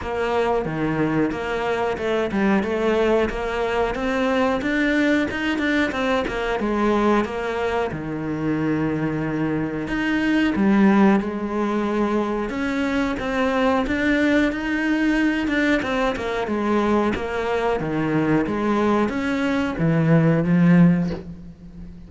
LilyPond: \new Staff \with { instrumentName = "cello" } { \time 4/4 \tempo 4 = 91 ais4 dis4 ais4 a8 g8 | a4 ais4 c'4 d'4 | dis'8 d'8 c'8 ais8 gis4 ais4 | dis2. dis'4 |
g4 gis2 cis'4 | c'4 d'4 dis'4. d'8 | c'8 ais8 gis4 ais4 dis4 | gis4 cis'4 e4 f4 | }